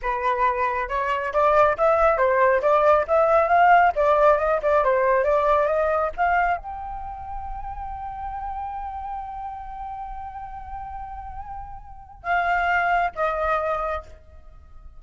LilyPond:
\new Staff \with { instrumentName = "flute" } { \time 4/4 \tempo 4 = 137 b'2 cis''4 d''4 | e''4 c''4 d''4 e''4 | f''4 d''4 dis''8 d''8 c''4 | d''4 dis''4 f''4 g''4~ |
g''1~ | g''1~ | g''1 | f''2 dis''2 | }